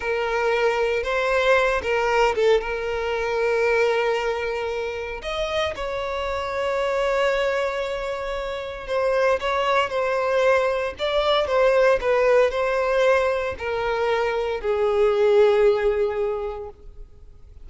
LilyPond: \new Staff \with { instrumentName = "violin" } { \time 4/4 \tempo 4 = 115 ais'2 c''4. ais'8~ | ais'8 a'8 ais'2.~ | ais'2 dis''4 cis''4~ | cis''1~ |
cis''4 c''4 cis''4 c''4~ | c''4 d''4 c''4 b'4 | c''2 ais'2 | gis'1 | }